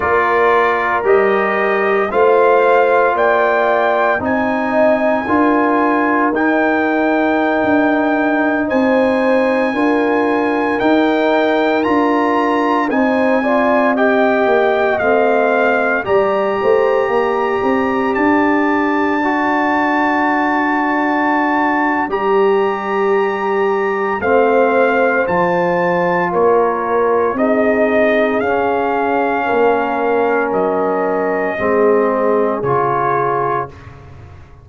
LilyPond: <<
  \new Staff \with { instrumentName = "trumpet" } { \time 4/4 \tempo 4 = 57 d''4 dis''4 f''4 g''4 | gis''2 g''2~ | g''16 gis''2 g''4 ais''8.~ | ais''16 gis''4 g''4 f''4 ais''8.~ |
ais''4~ ais''16 a''2~ a''8.~ | a''4 ais''2 f''4 | a''4 cis''4 dis''4 f''4~ | f''4 dis''2 cis''4 | }
  \new Staff \with { instrumentName = "horn" } { \time 4/4 ais'2 c''4 d''4 | dis''4 ais'2.~ | ais'16 c''4 ais'2~ ais'8.~ | ais'16 c''8 d''8 dis''2 d''8 c''16~ |
c''16 d''2.~ d''8.~ | d''2. c''4~ | c''4 ais'4 gis'2 | ais'2 gis'2 | }
  \new Staff \with { instrumentName = "trombone" } { \time 4/4 f'4 g'4 f'2 | dis'4 f'4 dis'2~ | dis'4~ dis'16 f'4 dis'4 f'8.~ | f'16 dis'8 f'8 g'4 c'4 g'8.~ |
g'2~ g'16 fis'4.~ fis'16~ | fis'4 g'2 c'4 | f'2 dis'4 cis'4~ | cis'2 c'4 f'4 | }
  \new Staff \with { instrumentName = "tuba" } { \time 4/4 ais4 g4 a4 ais4 | c'4 d'4 dis'4~ dis'16 d'8.~ | d'16 c'4 d'4 dis'4 d'8.~ | d'16 c'4. ais8 a4 g8 a16~ |
a16 ais8 c'8 d'2~ d'8.~ | d'4 g2 a4 | f4 ais4 c'4 cis'4 | ais4 fis4 gis4 cis4 | }
>>